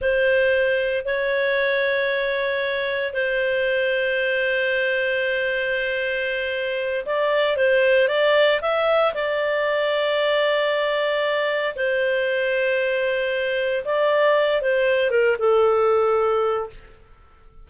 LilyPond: \new Staff \with { instrumentName = "clarinet" } { \time 4/4 \tempo 4 = 115 c''2 cis''2~ | cis''2 c''2~ | c''1~ | c''4. d''4 c''4 d''8~ |
d''8 e''4 d''2~ d''8~ | d''2~ d''8 c''4.~ | c''2~ c''8 d''4. | c''4 ais'8 a'2~ a'8 | }